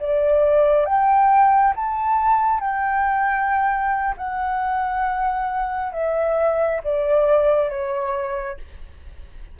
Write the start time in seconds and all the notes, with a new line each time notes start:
0.00 D5
0.86 G5
1.76 A5
2.61 G5
4.18 F#5
5.93 E5
6.84 D5
7.69 C#5